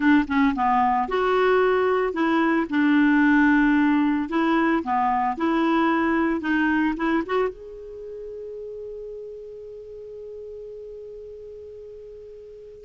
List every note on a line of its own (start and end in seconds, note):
0.00 0.25 D4
0.27 0.54 C#4
0.55 1.08 B3
1.08 2.13 F#4
2.13 2.66 E4
2.69 4.29 D4
4.29 4.82 E4
4.83 5.36 B3
5.37 6.40 E4
6.40 6.94 D#4
6.96 7.23 E4
7.26 7.49 F#4
7.49 12.84 G#4